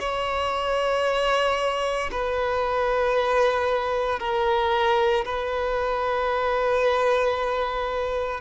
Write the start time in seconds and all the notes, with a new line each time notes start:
0.00 C#5
2.12 B4
4.20 A#4
5.25 B4